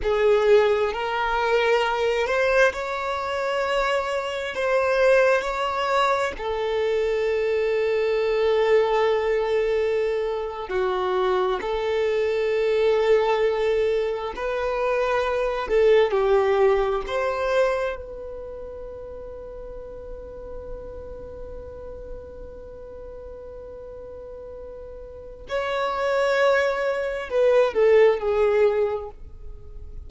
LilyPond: \new Staff \with { instrumentName = "violin" } { \time 4/4 \tempo 4 = 66 gis'4 ais'4. c''8 cis''4~ | cis''4 c''4 cis''4 a'4~ | a'2.~ a'8. fis'16~ | fis'8. a'2. b'16~ |
b'4~ b'16 a'8 g'4 c''4 b'16~ | b'1~ | b'1 | cis''2 b'8 a'8 gis'4 | }